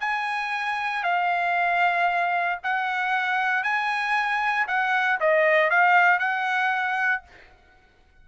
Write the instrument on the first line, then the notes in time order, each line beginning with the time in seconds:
trumpet
0.00 G#5
1.03 F5
2.63 F#5
3.63 G#5
4.67 F#5
5.20 D#5
5.70 F5
6.19 F#5